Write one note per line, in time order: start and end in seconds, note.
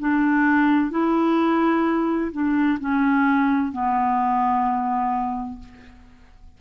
0.00 0.91 D4
0.91 2.32 E4
2.32 2.79 D4
2.80 3.72 C#4
3.72 5.60 B3